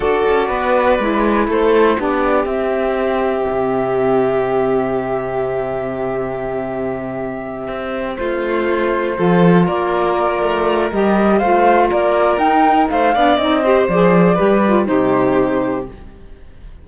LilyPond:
<<
  \new Staff \with { instrumentName = "flute" } { \time 4/4 \tempo 4 = 121 d''2. c''4 | d''4 e''2.~ | e''1~ | e''1~ |
e''8 c''2. d''8~ | d''2 dis''4 f''4 | d''4 g''4 f''4 dis''4 | d''2 c''2 | }
  \new Staff \with { instrumentName = "violin" } { \time 4/4 a'4 b'2 a'4 | g'1~ | g'1~ | g'1~ |
g'8 f'2 a'4 ais'8~ | ais'2. c''4 | ais'2 c''8 d''4 c''8~ | c''4 b'4 g'2 | }
  \new Staff \with { instrumentName = "saxophone" } { \time 4/4 fis'2 e'2 | d'4 c'2.~ | c'1~ | c'1~ |
c'2~ c'8 f'4.~ | f'2 g'4 f'4~ | f'4 dis'4. d'8 dis'8 g'8 | gis'4 g'8 f'8 dis'2 | }
  \new Staff \with { instrumentName = "cello" } { \time 4/4 d'8 cis'8 b4 gis4 a4 | b4 c'2 c4~ | c1~ | c2.~ c8 c'8~ |
c'8 a2 f4 ais8~ | ais4 a4 g4 a4 | ais4 dis'4 a8 b8 c'4 | f4 g4 c2 | }
>>